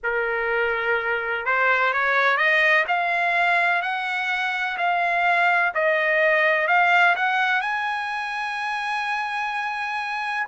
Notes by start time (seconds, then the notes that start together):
0.03 A#4
1.45 C5
1.93 C#5
2.37 D#5
2.87 F5
3.81 F#5
4.77 F5
5.74 D#5
6.67 F5
7.15 F#5
7.61 G#5